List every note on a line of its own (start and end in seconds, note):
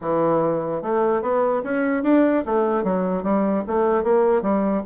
0.01 0.82 E3
0.82 1.22 A3
1.22 1.62 B3
1.63 2.03 C#4
2.03 2.43 D4
2.45 2.83 A3
2.83 3.23 F#3
3.23 3.63 G3
3.67 4.03 A3
4.03 4.42 A#3
4.42 4.82 G3